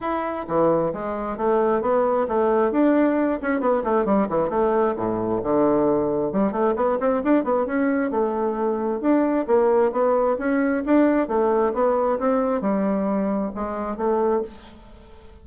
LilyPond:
\new Staff \with { instrumentName = "bassoon" } { \time 4/4 \tempo 4 = 133 e'4 e4 gis4 a4 | b4 a4 d'4. cis'8 | b8 a8 g8 e8 a4 a,4 | d2 g8 a8 b8 c'8 |
d'8 b8 cis'4 a2 | d'4 ais4 b4 cis'4 | d'4 a4 b4 c'4 | g2 gis4 a4 | }